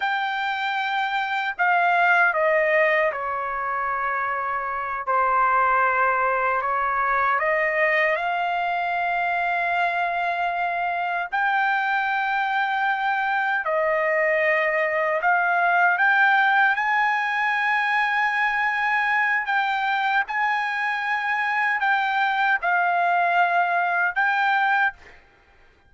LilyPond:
\new Staff \with { instrumentName = "trumpet" } { \time 4/4 \tempo 4 = 77 g''2 f''4 dis''4 | cis''2~ cis''8 c''4.~ | c''8 cis''4 dis''4 f''4.~ | f''2~ f''8 g''4.~ |
g''4. dis''2 f''8~ | f''8 g''4 gis''2~ gis''8~ | gis''4 g''4 gis''2 | g''4 f''2 g''4 | }